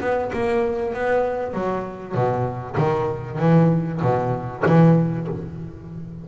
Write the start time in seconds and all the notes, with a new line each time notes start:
0.00 B3
0.33 A#3
0.94 B3
1.53 F#3
2.14 B2
2.77 D#3
3.38 E3
4.01 B2
4.66 E3